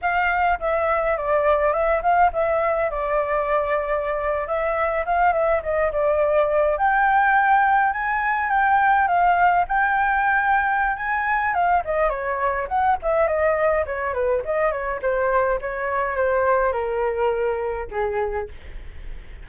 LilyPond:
\new Staff \with { instrumentName = "flute" } { \time 4/4 \tempo 4 = 104 f''4 e''4 d''4 e''8 f''8 | e''4 d''2~ d''8. e''16~ | e''8. f''8 e''8 dis''8 d''4. g''16~ | g''4.~ g''16 gis''4 g''4 f''16~ |
f''8. g''2~ g''16 gis''4 | f''8 dis''8 cis''4 fis''8 e''8 dis''4 | cis''8 b'8 dis''8 cis''8 c''4 cis''4 | c''4 ais'2 gis'4 | }